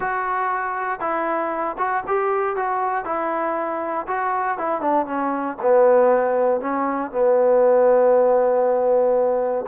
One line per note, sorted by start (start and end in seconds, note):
0.00 1.00 F#4
1.00 1.76 E4
1.78 2.03 F#4
2.07 2.56 G4
2.56 3.04 F#4
3.04 4.06 E4
4.07 4.58 F#4
4.58 4.81 E4
4.81 5.05 D4
5.05 5.56 C#4
5.61 6.60 B3
6.60 7.11 C#4
7.11 9.65 B3